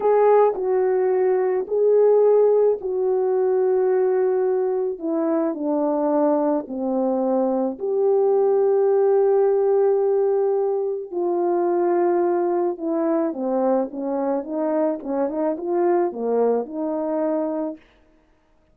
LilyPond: \new Staff \with { instrumentName = "horn" } { \time 4/4 \tempo 4 = 108 gis'4 fis'2 gis'4~ | gis'4 fis'2.~ | fis'4 e'4 d'2 | c'2 g'2~ |
g'1 | f'2. e'4 | c'4 cis'4 dis'4 cis'8 dis'8 | f'4 ais4 dis'2 | }